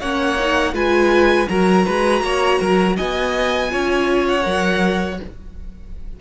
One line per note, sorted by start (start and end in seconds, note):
0.00 0.74 A#3
0.00 0.39 C#4
0.00 0.74 C#5
0.00 0.75 F#5
0.40 0.74 D#4
0.74 1.48 G#3
0.74 1.48 F4
0.74 1.49 B4
0.74 1.49 G#5
1.49 1.87 F#3
1.49 3.70 F#4
1.49 1.86 A#4
1.49 2.97 A#5
1.86 2.22 G#3
1.86 2.23 B4
2.22 2.59 A#3
2.22 2.60 C#5
2.60 2.98 F#3
2.60 2.97 A#4
2.97 3.74 B3
2.97 3.71 D#5
2.97 4.27 G#5
3.70 4.46 C#4
3.70 4.42 F4
3.70 5.21 C#5
4.29 5.21 F#5
4.42 5.20 F#3
4.42 5.17 A#4